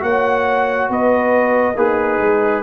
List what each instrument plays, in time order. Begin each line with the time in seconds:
0.00 tuba A#3, trombone F#4, horn C#5, trumpet F#5
0.90 tuba B3, horn B4, trumpet D#5
1.75 tuba A#3, horn D#4, trombone G#4, trumpet B4
2.19 tuba G#3